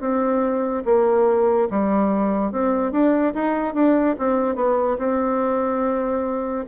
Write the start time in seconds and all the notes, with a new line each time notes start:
0.00 C4
0.85 A#3
1.70 G3
2.52 C4
2.92 D4
3.34 D#4
3.74 D4
4.18 C4
4.55 B3
4.98 C4